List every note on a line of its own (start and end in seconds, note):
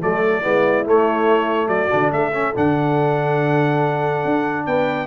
0.00 0.44 F#3
0.00 0.42 A3
0.00 0.41 A4
0.00 0.87 D5
0.41 0.86 G#3
0.41 0.84 B3
0.41 1.68 E4
0.85 1.89 A3
0.85 1.67 A3
0.85 1.68 C#5
1.67 1.88 F#3
1.67 2.12 F#4
1.67 2.10 D5
1.89 2.12 D3
1.89 2.32 D4
2.12 2.54 A3
2.12 4.66 A4
2.12 2.54 E5
2.33 2.54 C#4
2.55 4.25 D3
2.55 5.06 D4
2.55 4.66 F#5
4.25 4.66 D4
4.66 5.06 B3
4.66 5.06 B4
4.66 5.06 G5